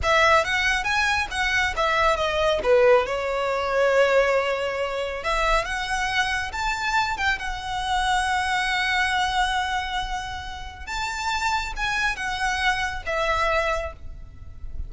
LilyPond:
\new Staff \with { instrumentName = "violin" } { \time 4/4 \tempo 4 = 138 e''4 fis''4 gis''4 fis''4 | e''4 dis''4 b'4 cis''4~ | cis''1 | e''4 fis''2 a''4~ |
a''8 g''8 fis''2.~ | fis''1~ | fis''4 a''2 gis''4 | fis''2 e''2 | }